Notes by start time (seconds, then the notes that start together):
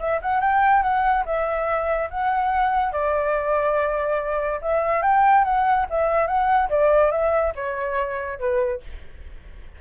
0.00 E5
0.22 F#5
0.41 G5
0.83 F#5
1.26 E5
2.11 F#5
2.93 D5
4.62 E5
5.03 G5
5.45 F#5
5.90 E5
6.28 F#5
6.70 D5
7.12 E5
7.56 C#5
8.40 B4